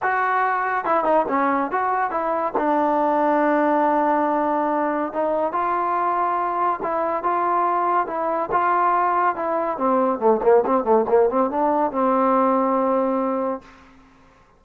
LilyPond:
\new Staff \with { instrumentName = "trombone" } { \time 4/4 \tempo 4 = 141 fis'2 e'8 dis'8 cis'4 | fis'4 e'4 d'2~ | d'1 | dis'4 f'2. |
e'4 f'2 e'4 | f'2 e'4 c'4 | a8 ais8 c'8 a8 ais8 c'8 d'4 | c'1 | }